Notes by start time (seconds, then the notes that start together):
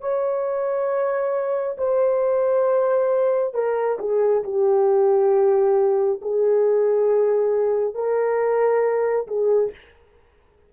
0.00 C#5
1.77 C5
3.54 A#4
3.99 G#4
4.44 G4
6.21 G#4
7.94 A#4
9.27 G#4